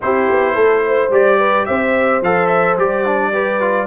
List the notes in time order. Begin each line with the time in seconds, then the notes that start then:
0.01 C4 E4 G4 C5
0.30 B3
0.54 A3 A4
0.86 C5
1.09 G3 G4 D5
1.38 B4
1.65 C4 C5 E5
2.22 F3 A4 F5
2.47 E5
2.77 G3 G4 D5
3.05 D4
3.32 G4 B4
3.61 F4